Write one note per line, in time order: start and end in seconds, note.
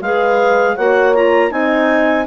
0.00 0.75 G#3
0.00 0.77 G#4
0.00 0.75 B4
0.00 0.76 F5
0.75 1.51 A#3
0.75 1.14 F#4
0.75 1.50 C#5
0.75 1.14 F#5
1.14 1.50 F4
1.14 1.51 A#5
1.50 2.26 C4
1.50 2.25 D#4
1.50 2.27 D#5
1.50 2.26 G#5